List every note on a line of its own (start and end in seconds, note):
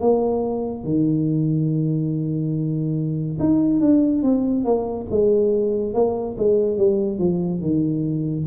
0.00 0.84 A#3
0.84 3.38 D#3
3.39 3.80 D#4
3.80 4.23 D4
4.23 4.64 C4
4.64 5.07 A#3
5.10 5.93 G#3
5.93 6.36 A#3
6.38 6.78 G#3
6.78 7.18 G3
7.18 7.61 F3
7.61 8.45 D#3